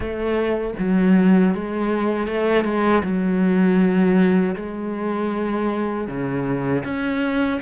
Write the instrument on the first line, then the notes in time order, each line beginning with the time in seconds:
cello
0.00 A3
0.78 F#3
1.54 G#3
2.27 A3
2.64 G#3
3.03 F#3
4.55 G#3
6.07 C#3
6.84 C#4